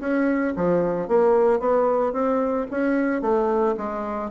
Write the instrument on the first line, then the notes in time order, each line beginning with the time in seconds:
bassoon
0.00 C#4
0.56 F3
1.08 A#3
1.59 B3
2.13 C4
2.71 C#4
3.22 A3
3.77 G#3